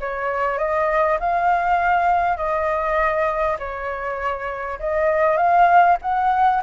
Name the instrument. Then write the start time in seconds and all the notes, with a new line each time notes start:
flute
0.00 C#5
0.58 D#5
1.19 F5
2.37 D#5
3.59 C#5
4.79 D#5
5.37 F5
6.02 F#5